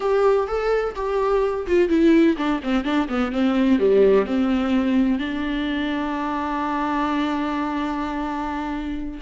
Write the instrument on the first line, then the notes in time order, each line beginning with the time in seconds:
viola
0.00 G4
0.47 A4
0.95 G4
1.66 F4
1.89 E4
2.37 D4
2.63 C4
2.84 D4
3.08 B3
3.32 C4
3.79 G3
4.25 C4
5.18 D4